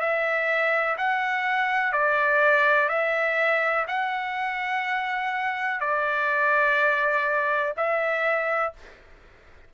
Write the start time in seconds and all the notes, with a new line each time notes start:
0.00 E5
0.98 F#5
1.93 D5
2.89 E5
3.88 F#5
5.81 D5
7.77 E5